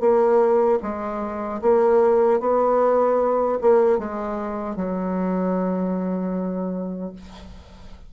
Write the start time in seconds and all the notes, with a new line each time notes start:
0.00 A#3
0.83 G#3
1.61 A#3
2.40 B3
3.61 A#3
3.98 G#3
4.76 F#3